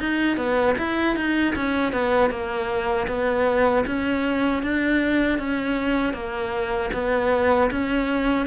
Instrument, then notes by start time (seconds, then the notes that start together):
cello
0.00 D#4
0.37 B3
0.78 E4
1.16 D#4
1.56 C#4
1.93 B3
2.31 A#3
3.08 B3
3.87 C#4
4.63 D4
5.39 C#4
6.14 A#3
6.94 B3
7.71 C#4